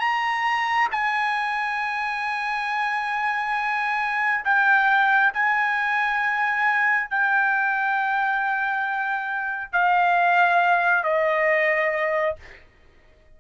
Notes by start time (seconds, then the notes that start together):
0.00 A#5
0.91 G#5
4.45 G5
5.34 G#5
7.10 G5
9.73 F5
11.04 D#5